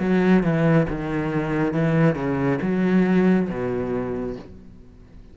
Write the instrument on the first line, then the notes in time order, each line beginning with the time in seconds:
cello
0.00 F#3
0.43 E3
0.89 D#3
1.73 E3
2.15 C#3
2.62 F#3
3.49 B2